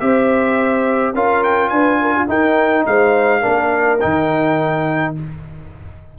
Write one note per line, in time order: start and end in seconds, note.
0.00 1.14 C4
0.00 1.14 G4
0.00 1.15 C5
0.00 1.15 E5
1.14 1.71 C#4
1.14 2.28 F4
1.14 1.72 A#4
1.14 1.44 F5
1.44 1.69 G5
1.69 2.28 D4
1.69 2.00 B4
1.69 2.27 G#5
2.01 2.15 A#4
2.15 2.29 F4
2.28 3.42 D#4
2.28 2.86 D#4
2.28 2.86 A#4
2.28 2.86 G5
2.86 3.44 G#3
2.86 3.41 C5
2.86 4.00 F5
3.41 4.03 A#3
3.41 3.99 D4
3.41 5.13 A#4
4.00 5.19 D#3
4.00 5.15 D#4
4.00 5.15 G5